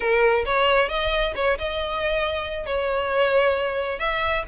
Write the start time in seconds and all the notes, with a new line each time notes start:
0.00 A#4
0.45 C#5
0.88 D#5
1.35 C#5
1.58 D#5
2.65 C#5
3.99 E5